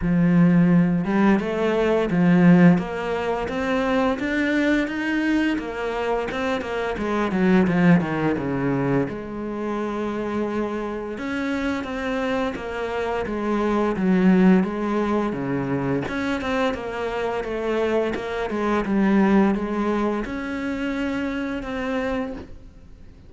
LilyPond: \new Staff \with { instrumentName = "cello" } { \time 4/4 \tempo 4 = 86 f4. g8 a4 f4 | ais4 c'4 d'4 dis'4 | ais4 c'8 ais8 gis8 fis8 f8 dis8 | cis4 gis2. |
cis'4 c'4 ais4 gis4 | fis4 gis4 cis4 cis'8 c'8 | ais4 a4 ais8 gis8 g4 | gis4 cis'2 c'4 | }